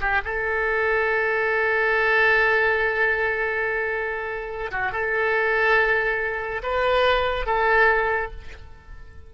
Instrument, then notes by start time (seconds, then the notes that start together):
oboe
0.00 G4
0.24 A4
4.71 F#4
4.92 A4
6.63 B4
7.46 A4